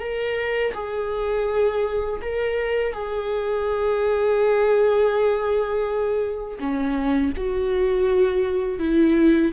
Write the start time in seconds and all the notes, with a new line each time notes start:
0.00 A#4
0.74 G#4
2.22 A#4
2.93 G#4
6.60 C#4
7.37 F#4
8.79 E4